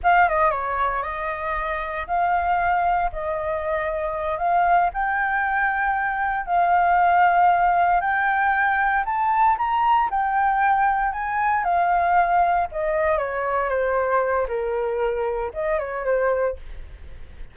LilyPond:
\new Staff \with { instrumentName = "flute" } { \time 4/4 \tempo 4 = 116 f''8 dis''8 cis''4 dis''2 | f''2 dis''2~ | dis''8 f''4 g''2~ g''8~ | g''8 f''2. g''8~ |
g''4. a''4 ais''4 g''8~ | g''4. gis''4 f''4.~ | f''8 dis''4 cis''4 c''4. | ais'2 dis''8 cis''8 c''4 | }